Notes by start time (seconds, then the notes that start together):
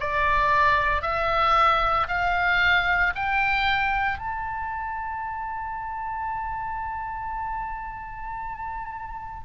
0.00 D5
1.02 E5
2.08 F5
3.15 G5
4.19 A5